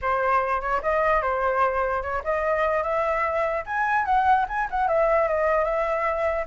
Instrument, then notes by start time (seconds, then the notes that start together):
flute
0.01 C5
0.61 C#5
0.82 D#5
1.22 C5
2.02 C#5
2.24 D#5
2.83 E5
3.66 G#5
4.05 F#5
4.48 G#5
4.70 F#5
4.88 E5
5.28 D#5
5.64 E5